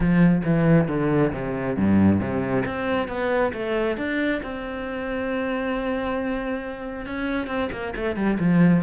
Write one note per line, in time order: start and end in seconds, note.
0.00 0.42 F3
0.44 0.88 E3
0.88 1.32 D3
1.32 1.76 C3
1.76 2.19 G2
2.19 2.64 C3
2.65 3.08 C4
3.08 3.52 B3
3.53 3.97 A3
3.97 4.41 D4
4.42 7.06 C4
7.06 7.47 C#4
7.47 7.69 C4
7.71 7.94 A#3
7.95 8.16 A3
8.16 8.38 G3
8.39 8.83 F3